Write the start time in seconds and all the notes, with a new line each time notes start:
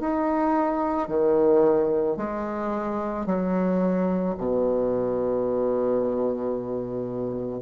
0.00 D#4
1.08 D#3
2.17 G#3
3.26 F#3
4.38 B2